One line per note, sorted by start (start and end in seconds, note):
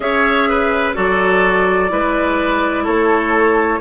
0.00 0.94 C#4
0.00 0.94 G#4
0.00 0.49 C#5
0.00 0.94 E5
0.49 0.95 B4
0.94 1.91 F#3
0.94 1.89 F#4
0.94 1.90 A4
0.94 2.85 D5
1.89 2.87 G#3
1.89 3.79 E4
1.89 2.84 B4
2.84 3.80 A3
2.84 3.79 A4
2.84 3.80 C#5